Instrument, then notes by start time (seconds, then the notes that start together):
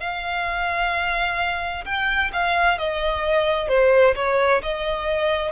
violin
0.00 F5
1.85 G5
2.33 F5
2.79 D#5
3.68 C5
4.16 C#5
4.63 D#5